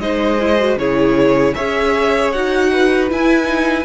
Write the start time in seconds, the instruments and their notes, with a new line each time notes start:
0.00 cello G#3, viola D#4, violin C5 D#5
0.40 viola E4
0.59 viola F#4
0.77 cello C#3, viola E4, violin G#4 C#5
1.55 cello C#4, viola G#4, violin C#5 E5
2.32 cello D#4, viola F#4, violin F#5
2.72 violin B4
3.10 viola E4, cello E4, violin G#5
3.45 viola D#4